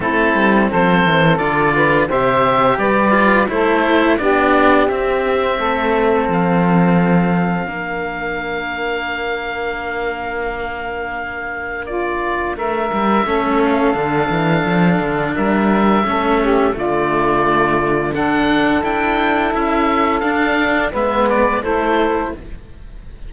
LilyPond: <<
  \new Staff \with { instrumentName = "oboe" } { \time 4/4 \tempo 4 = 86 a'4 c''4 d''4 e''4 | d''4 c''4 d''4 e''4~ | e''4 f''2.~ | f''1~ |
f''4 d''4 e''4. f''8~ | f''2 e''2 | d''2 fis''4 g''4 | e''4 f''4 e''8 d''8 c''4 | }
  \new Staff \with { instrumentName = "saxophone" } { \time 4/4 e'4 a'4. b'8 c''4 | b'4 a'4 g'2 | a'2. ais'4~ | ais'1~ |
ais'4 f'4 ais'4 a'4~ | a'2 ais'4 a'8 g'8 | f'2 a'2~ | a'2 b'4 a'4 | }
  \new Staff \with { instrumentName = "cello" } { \time 4/4 c'2 f'4 g'4~ | g'8 f'8 e'4 d'4 c'4~ | c'2. d'4~ | d'1~ |
d'2. cis'4 | d'2. cis'4 | a2 d'4 e'4~ | e'4 d'4 b4 e'4 | }
  \new Staff \with { instrumentName = "cello" } { \time 4/4 a8 g8 f8 e8 d4 c4 | g4 a4 b4 c'4 | a4 f2 ais4~ | ais1~ |
ais2 a8 g8 a4 | d8 e8 f8 d8 g4 a4 | d2. d'4 | cis'4 d'4 gis4 a4 | }
>>